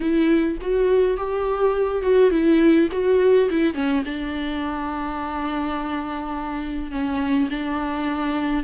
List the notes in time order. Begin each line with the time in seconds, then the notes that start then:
0.00 E4
0.61 F#4
1.17 G4
2.02 F#4
2.31 E4
2.91 F#4
3.50 E4
3.74 C#4
4.05 D4
6.91 C#4
7.50 D4